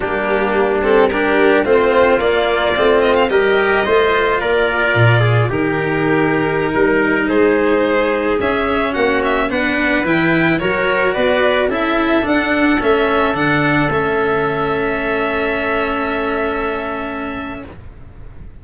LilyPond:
<<
  \new Staff \with { instrumentName = "violin" } { \time 4/4 \tempo 4 = 109 g'4. a'8 ais'4 c''4 | d''4. dis''16 f''16 dis''2 | d''2 ais'2~ | ais'4~ ais'16 c''2 e''8.~ |
e''16 fis''8 e''8 fis''4 g''4 cis''8.~ | cis''16 d''4 e''4 fis''4 e''8.~ | e''16 fis''4 e''2~ e''8.~ | e''1 | }
  \new Staff \with { instrumentName = "trumpet" } { \time 4/4 d'2 g'4 f'4~ | f'2 ais'4 c''4 | ais'4. gis'8 g'2~ | g'16 ais'4 gis'2~ gis'8.~ |
gis'16 fis'4 b'2 ais'8.~ | ais'16 b'4 a'2~ a'8.~ | a'1~ | a'1 | }
  \new Staff \with { instrumentName = "cello" } { \time 4/4 ais4. c'8 d'4 c'4 | ais4 c'4 g'4 f'4~ | f'2 dis'2~ | dis'2.~ dis'16 cis'8.~ |
cis'4~ cis'16 d'4 e'4 fis'8.~ | fis'4~ fis'16 e'4 d'4 cis'8.~ | cis'16 d'4 cis'2~ cis'8.~ | cis'1 | }
  \new Staff \with { instrumentName = "tuba" } { \time 4/4 g2. a4 | ais4 a4 g4 a4 | ais4 ais,4 dis2~ | dis16 g4 gis2 cis'8.~ |
cis'16 ais4 b4 e4 fis8.~ | fis16 b4 cis'4 d'4 a8.~ | a16 d4 a2~ a8.~ | a1 | }
>>